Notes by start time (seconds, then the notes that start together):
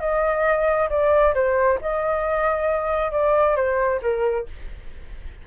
0.00 D#5
0.90 D5
1.34 C5
1.81 D#5
3.12 D5
3.56 C5
4.02 A#4